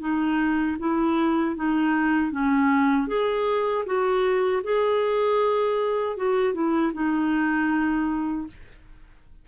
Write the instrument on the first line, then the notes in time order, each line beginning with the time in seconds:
clarinet
0.00 D#4
0.79 E4
1.56 D#4
2.31 C#4
3.07 G#4
3.86 F#4
4.63 G#4
6.16 F#4
6.54 E4
6.93 D#4